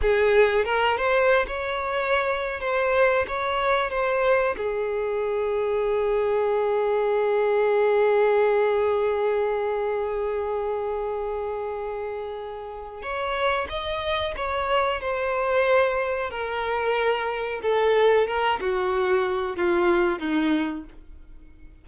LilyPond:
\new Staff \with { instrumentName = "violin" } { \time 4/4 \tempo 4 = 92 gis'4 ais'8 c''8. cis''4.~ cis''16 | c''4 cis''4 c''4 gis'4~ | gis'1~ | gis'1~ |
gis'1 | cis''4 dis''4 cis''4 c''4~ | c''4 ais'2 a'4 | ais'8 fis'4. f'4 dis'4 | }